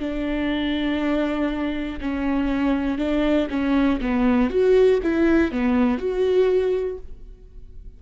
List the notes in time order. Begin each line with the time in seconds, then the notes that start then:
0.00 D4
2.00 C#4
2.98 D4
3.50 C#4
4.01 B3
4.50 F#4
5.03 E4
5.51 B3
5.98 F#4